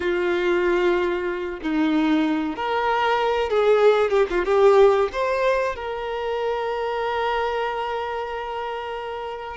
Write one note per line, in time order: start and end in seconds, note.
0.00 1.59 F4
1.62 2.56 D#4
2.56 3.50 A#4
3.50 4.10 G#4
4.10 4.26 G4
4.29 4.45 F4
4.45 5.09 G4
5.12 5.75 C5
5.75 9.56 A#4